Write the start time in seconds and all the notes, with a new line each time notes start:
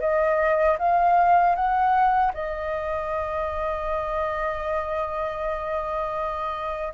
0.00 D#5
0.78 F5
1.55 F#5
2.34 D#5